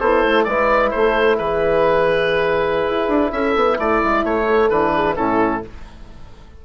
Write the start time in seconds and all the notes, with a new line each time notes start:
0.00 B3 E4 A4 C5
0.24 A3
0.44 G#3 E4 B4 D5
0.91 A3 A4 C5
1.37 E3 G#4 B4
2.86 E4
3.08 D4
3.32 C#4 A4 E5
3.55 B3
3.79 A3 E4 D5
4.04 G#3
4.24 A3 C#5
4.46 A4
4.70 E3 D4 B4
4.95 G#4
5.15 A2 C#4 E4 A4